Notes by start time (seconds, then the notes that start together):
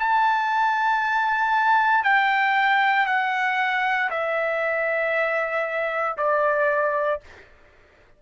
0.00 A5
2.05 G5
3.07 F#5
4.11 E5
6.18 D5